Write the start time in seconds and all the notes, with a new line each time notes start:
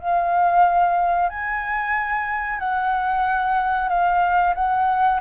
0.00 F5
1.29 G#5
2.59 F#5
3.89 F5
4.55 F#5